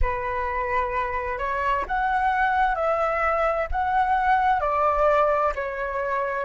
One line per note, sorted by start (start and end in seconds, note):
0.01 1.38 B4
1.38 1.84 C#5
1.87 2.75 F#5
2.75 3.67 E5
3.71 4.60 F#5
4.60 5.53 D5
5.55 6.45 C#5